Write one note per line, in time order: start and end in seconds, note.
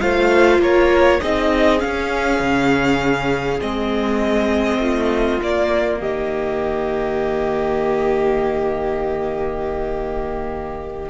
0.00 0.59 A3
0.00 1.20 F4
0.00 0.61 C5
0.00 0.60 F5
0.59 1.19 A#3
0.59 1.21 A#4
0.59 1.20 C#5
1.20 1.82 C4
1.20 1.79 D#4
1.20 4.80 G#4
1.20 1.80 D#5
1.79 3.59 C#4
1.79 2.40 C#4
1.79 3.60 F5
2.40 3.60 C#3
3.60 4.78 G#3
3.60 5.41 C4
3.60 5.41 D#5
4.78 5.38 A3
4.78 6.00 F4
5.41 11.09 A#3
5.41 6.01 A#3
5.41 6.00 D5
6.00 11.09 D#3
6.00 11.09 G4
6.00 11.09 D#5